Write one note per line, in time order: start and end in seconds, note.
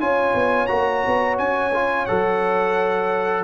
0.00 0.34 C#4
0.00 0.69 F4
0.00 3.45 C#5
0.00 0.67 G#5
0.35 0.69 B3
0.67 1.05 A#3
0.67 1.72 F#4
0.67 1.36 A#5
1.07 1.39 B3
1.39 2.08 C#4
1.39 2.06 G#5
1.74 2.08 F4
2.06 3.45 F#3
2.06 3.45 A4
2.06 3.44 F#5